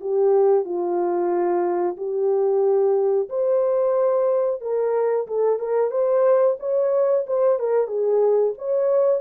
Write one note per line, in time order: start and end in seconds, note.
0.00 0.64 G4
0.64 1.96 F4
1.97 3.28 G4
3.29 4.61 C5
4.61 5.27 A#4
5.27 5.59 A4
5.59 5.90 A#4
5.90 6.56 C5
6.59 7.25 C#5
7.26 7.59 C5
7.59 7.87 A#4
7.87 8.53 G#4
8.58 9.20 C#5